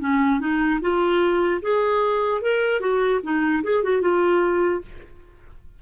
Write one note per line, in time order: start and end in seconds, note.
0.00 0.40 C#4
0.40 0.80 D#4
0.81 1.61 F4
1.62 2.42 G#4
2.42 2.80 A#4
2.80 3.20 F#4
3.23 3.63 D#4
3.64 3.84 G#4
3.84 4.02 F#4
4.02 4.82 F4